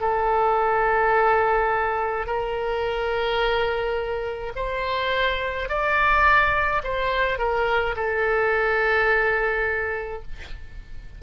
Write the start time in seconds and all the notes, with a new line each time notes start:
0.00 A4
2.26 A#4
4.55 C5
5.69 D5
6.83 C5
7.38 A#4
7.96 A4